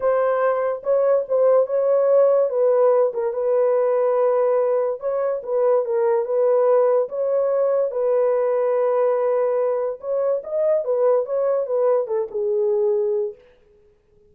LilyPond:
\new Staff \with { instrumentName = "horn" } { \time 4/4 \tempo 4 = 144 c''2 cis''4 c''4 | cis''2 b'4. ais'8 | b'1 | cis''4 b'4 ais'4 b'4~ |
b'4 cis''2 b'4~ | b'1 | cis''4 dis''4 b'4 cis''4 | b'4 a'8 gis'2~ gis'8 | }